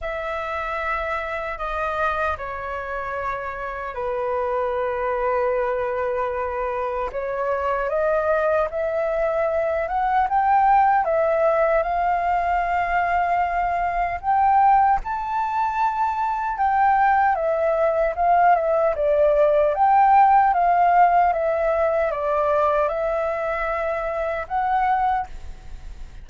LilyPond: \new Staff \with { instrumentName = "flute" } { \time 4/4 \tempo 4 = 76 e''2 dis''4 cis''4~ | cis''4 b'2.~ | b'4 cis''4 dis''4 e''4~ | e''8 fis''8 g''4 e''4 f''4~ |
f''2 g''4 a''4~ | a''4 g''4 e''4 f''8 e''8 | d''4 g''4 f''4 e''4 | d''4 e''2 fis''4 | }